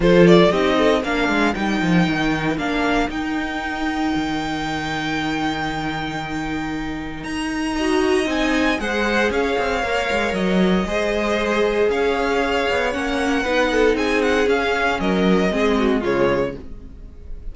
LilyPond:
<<
  \new Staff \with { instrumentName = "violin" } { \time 4/4 \tempo 4 = 116 c''8 d''8 dis''4 f''4 g''4~ | g''4 f''4 g''2~ | g''1~ | g''2 ais''2 |
gis''4 fis''4 f''2 | dis''2. f''4~ | f''4 fis''2 gis''8 fis''8 | f''4 dis''2 cis''4 | }
  \new Staff \with { instrumentName = "violin" } { \time 4/4 a'4 g'8 a'8 ais'2~ | ais'1~ | ais'1~ | ais'2. dis''4~ |
dis''4 c''4 cis''2~ | cis''4 c''2 cis''4~ | cis''2 b'8 a'8 gis'4~ | gis'4 ais'4 gis'8 fis'8 f'4 | }
  \new Staff \with { instrumentName = "viola" } { \time 4/4 f'4 dis'4 d'4 dis'4~ | dis'4 d'4 dis'2~ | dis'1~ | dis'2. fis'4 |
dis'4 gis'2 ais'4~ | ais'4 gis'2.~ | gis'4 cis'4 dis'2 | cis'2 c'4 gis4 | }
  \new Staff \with { instrumentName = "cello" } { \time 4/4 f4 c'4 ais8 gis8 g8 f8 | dis4 ais4 dis'2 | dis1~ | dis2 dis'2 |
c'4 gis4 cis'8 c'8 ais8 gis8 | fis4 gis2 cis'4~ | cis'8 b8 ais4 b4 c'4 | cis'4 fis4 gis4 cis4 | }
>>